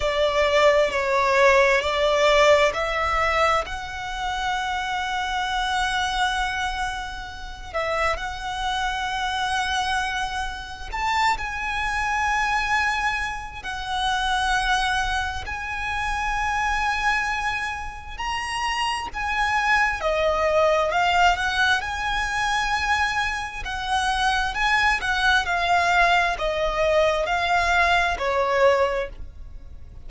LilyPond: \new Staff \with { instrumentName = "violin" } { \time 4/4 \tempo 4 = 66 d''4 cis''4 d''4 e''4 | fis''1~ | fis''8 e''8 fis''2. | a''8 gis''2~ gis''8 fis''4~ |
fis''4 gis''2. | ais''4 gis''4 dis''4 f''8 fis''8 | gis''2 fis''4 gis''8 fis''8 | f''4 dis''4 f''4 cis''4 | }